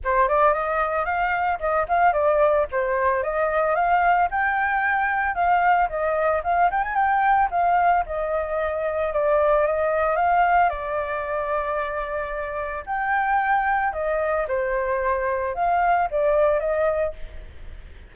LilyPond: \new Staff \with { instrumentName = "flute" } { \time 4/4 \tempo 4 = 112 c''8 d''8 dis''4 f''4 dis''8 f''8 | d''4 c''4 dis''4 f''4 | g''2 f''4 dis''4 | f''8 g''16 gis''16 g''4 f''4 dis''4~ |
dis''4 d''4 dis''4 f''4 | d''1 | g''2 dis''4 c''4~ | c''4 f''4 d''4 dis''4 | }